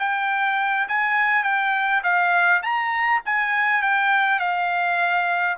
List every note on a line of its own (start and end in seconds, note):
0.00 0.88 G5
0.89 1.44 G#5
1.44 2.03 G5
2.04 2.63 F5
2.63 3.22 A#5
3.26 3.83 G#5
3.83 4.40 G5
4.40 5.57 F5